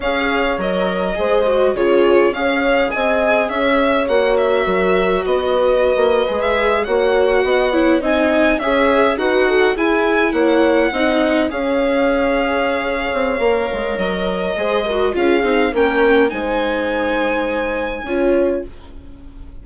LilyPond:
<<
  \new Staff \with { instrumentName = "violin" } { \time 4/4 \tempo 4 = 103 f''4 dis''2 cis''4 | f''4 gis''4 e''4 fis''8 e''8~ | e''4 dis''2 e''8. fis''16~ | fis''4.~ fis''16 gis''4 e''4 fis''16~ |
fis''8. gis''4 fis''2 f''16~ | f''1 | dis''2 f''4 g''4 | gis''1 | }
  \new Staff \with { instrumentName = "horn" } { \time 4/4 cis''2 c''4 gis'4 | cis''4 dis''4 cis''2 | ais'4 b'2~ b'8. cis''16~ | cis''8. dis''8 cis''8 dis''4 cis''4 b'16~ |
b'16 a'8 gis'4 cis''4 dis''4 cis''16~ | cis''1~ | cis''4 c''8 ais'8 gis'4 ais'4 | c''2. cis''4 | }
  \new Staff \with { instrumentName = "viola" } { \time 4/4 gis'4 ais'4 gis'8 fis'8 f'4 | gis'2. fis'4~ | fis'2~ fis'8. gis'4 fis'16~ | fis'4~ fis'16 e'8 dis'4 gis'4 fis'16~ |
fis'8. e'2 dis'4 gis'16~ | gis'2. ais'4~ | ais'4 gis'8 fis'8 f'8 dis'8 cis'4 | dis'2. f'4 | }
  \new Staff \with { instrumentName = "bassoon" } { \time 4/4 cis'4 fis4 gis4 cis4 | cis'4 c'4 cis'4 ais4 | fis4 b4~ b16 ais8 gis4 ais16~ | ais8. b4 c'4 cis'4 dis'16~ |
dis'8. e'4 ais4 c'4 cis'16~ | cis'2~ cis'8 c'8 ais8 gis8 | fis4 gis4 cis'8 c'8 ais4 | gis2. cis'4 | }
>>